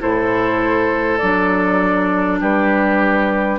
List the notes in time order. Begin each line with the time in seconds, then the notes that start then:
0.00 A2 E4 A4 C5
1.19 F#3 D4 D5
2.41 G3 G4 B4